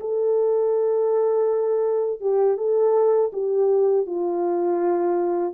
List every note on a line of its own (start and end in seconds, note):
0.00 2.20 A4
2.20 2.57 G4
2.57 3.31 A4
3.33 4.06 G4
4.06 5.54 F4